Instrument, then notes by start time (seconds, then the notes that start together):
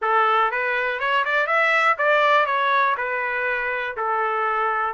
trumpet
0.01 A4
0.51 B4
0.99 C#5
1.24 D5
1.47 E5
1.97 D5
2.46 C#5
2.97 B4
3.96 A4